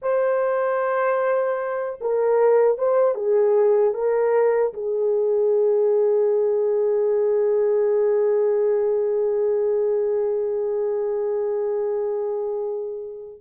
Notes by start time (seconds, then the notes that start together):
0.01 C5
2.01 A#4
2.77 C5
3.14 G#4
3.94 A#4
4.73 G#4